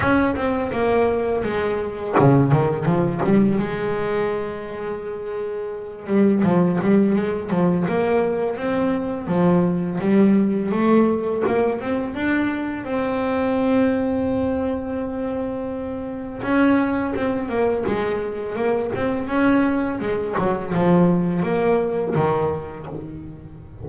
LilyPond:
\new Staff \with { instrumentName = "double bass" } { \time 4/4 \tempo 4 = 84 cis'8 c'8 ais4 gis4 cis8 dis8 | f8 g8 gis2.~ | gis8 g8 f8 g8 gis8 f8 ais4 | c'4 f4 g4 a4 |
ais8 c'8 d'4 c'2~ | c'2. cis'4 | c'8 ais8 gis4 ais8 c'8 cis'4 | gis8 fis8 f4 ais4 dis4 | }